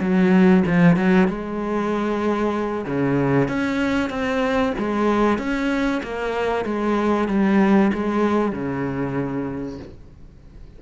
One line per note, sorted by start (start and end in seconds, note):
0.00 0.63 F#3
0.67 0.96 F3
0.96 1.28 F#3
1.28 2.86 G#3
2.86 3.48 C#3
3.48 4.10 C#4
4.10 4.73 C4
4.78 5.38 G#3
5.38 6.01 C#4
6.03 6.65 A#3
6.65 7.28 G#3
7.28 7.91 G3
7.93 8.52 G#3
8.52 9.78 C#3